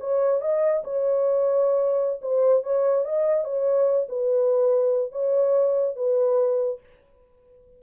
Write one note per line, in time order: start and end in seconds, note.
0.00 0.41 C#5
0.41 0.83 D#5
0.84 2.20 C#5
2.21 2.63 C5
2.63 3.05 C#5
3.05 3.44 D#5
3.44 4.07 C#5
4.09 5.12 B4
5.12 5.96 C#5
5.96 6.80 B4